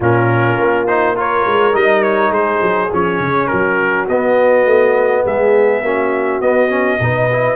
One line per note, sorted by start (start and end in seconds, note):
0.00 0.56 A#2
0.00 0.87 C#4
0.00 1.16 F4
0.00 0.87 A#4
0.57 1.45 A#3
0.87 1.16 D#4
0.87 1.16 C5
1.16 1.72 F4
1.16 2.30 A#4
1.16 1.75 C#5
1.45 1.74 G#3
1.72 2.30 G3
1.72 2.89 D#4
1.72 2.02 D#5
2.02 2.31 C#5
2.30 2.59 G#3
2.30 3.47 G#4
2.30 2.91 C5
2.62 2.91 F#3
2.92 3.19 F3
2.92 4.09 C#4
2.92 3.47 C#5
3.19 3.48 C#3
3.47 4.08 F#3
3.47 5.24 F#4
3.47 4.05 A#4
4.08 4.65 B3
4.08 5.84 B3
4.08 5.25 D#5
4.65 5.23 A3
5.24 5.82 G#3
5.24 5.82 G#4
5.24 6.41 E5
5.82 6.40 A#3
5.82 6.41 C#4
5.82 6.99 F#4
6.40 6.99 B3
6.40 6.69 B3
6.40 7.56 D#5
6.69 6.98 C#4
7.00 7.56 B2
7.00 7.30 D#4
7.00 7.56 B4
7.32 7.56 E4